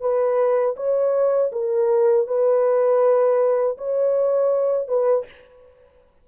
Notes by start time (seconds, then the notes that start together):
0.00 B4
0.76 C#5
1.52 A#4
2.27 B4
3.77 C#5
4.88 B4